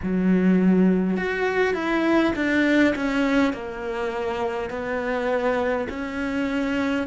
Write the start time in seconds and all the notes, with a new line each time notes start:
0.02 F#3
1.17 F#4
1.74 E4
2.35 D4
2.95 C#4
3.53 A#3
4.70 B3
5.89 C#4